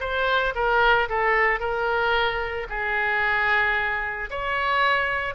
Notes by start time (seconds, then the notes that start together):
0.00 C5
0.55 A#4
1.09 A4
1.60 A#4
2.69 G#4
4.30 C#5